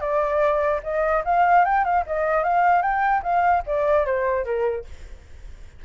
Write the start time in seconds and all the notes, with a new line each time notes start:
0.00 D5
0.83 D#5
1.24 F5
1.65 G5
1.84 F5
2.06 D#5
2.43 F5
2.82 G5
3.22 F5
3.66 D5
4.05 C5
4.45 A#4